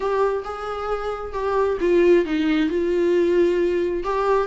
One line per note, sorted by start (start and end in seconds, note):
0.00 0.43 G4
0.44 1.33 G#4
1.33 1.78 G4
1.80 2.25 F4
2.25 2.69 D#4
2.69 4.03 F4
4.03 4.47 G4